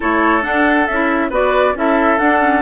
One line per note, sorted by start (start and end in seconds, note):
0.00 0.44 A3
0.00 0.42 E4
0.00 1.27 A4
0.00 0.43 C#5
0.42 0.85 D4
0.42 0.88 D4
0.42 0.86 F#5
0.86 1.30 C#4
0.86 1.30 E5
0.93 1.31 E4
1.30 1.74 B3
1.30 1.74 F#4
1.30 1.74 B4
1.30 1.77 D5
1.75 2.18 C#4
1.75 2.19 E4
1.75 2.61 A4
1.75 2.18 E5
2.18 2.40 D4
2.18 2.61 D4
2.18 2.61 F#5
2.40 2.61 C#4